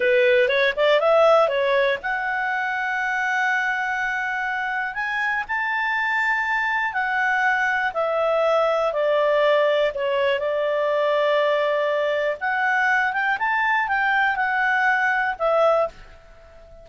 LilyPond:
\new Staff \with { instrumentName = "clarinet" } { \time 4/4 \tempo 4 = 121 b'4 cis''8 d''8 e''4 cis''4 | fis''1~ | fis''2 gis''4 a''4~ | a''2 fis''2 |
e''2 d''2 | cis''4 d''2.~ | d''4 fis''4. g''8 a''4 | g''4 fis''2 e''4 | }